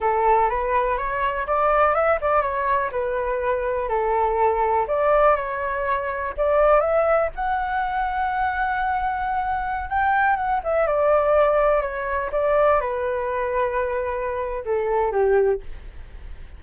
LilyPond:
\new Staff \with { instrumentName = "flute" } { \time 4/4 \tempo 4 = 123 a'4 b'4 cis''4 d''4 | e''8 d''8 cis''4 b'2 | a'2 d''4 cis''4~ | cis''4 d''4 e''4 fis''4~ |
fis''1~ | fis''16 g''4 fis''8 e''8 d''4.~ d''16~ | d''16 cis''4 d''4 b'4.~ b'16~ | b'2 a'4 g'4 | }